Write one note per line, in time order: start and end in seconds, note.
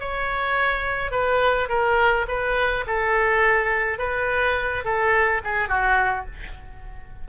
0.00 1.11 C#5
1.11 1.68 B4
1.69 2.26 A#4
2.28 2.85 B4
2.87 3.98 A4
3.98 4.84 B4
4.84 5.42 A4
5.44 5.68 G#4
5.68 6.26 F#4